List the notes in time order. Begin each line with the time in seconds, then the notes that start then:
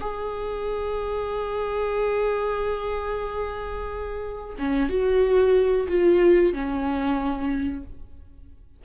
0.00 G#4
4.59 C#4
4.89 F#4
5.88 F4
6.53 C#4